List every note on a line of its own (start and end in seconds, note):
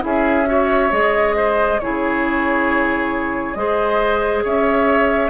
0.00 0.92 C#4
0.00 0.44 E4
0.00 0.48 G#4
0.00 0.92 E5
0.45 0.90 F#4
0.45 1.36 C#5
0.91 1.80 G#3
0.91 1.79 G#4
0.91 1.79 D#5
1.36 1.80 C5
1.79 3.55 C#3
1.79 3.56 E4
1.79 3.58 G#4
1.79 3.54 C#5
3.54 4.43 G#3
3.54 5.30 G#4
3.54 4.43 C5
3.54 4.42 D#5
4.43 5.30 C#4
4.43 5.30 C#5
4.43 5.30 E5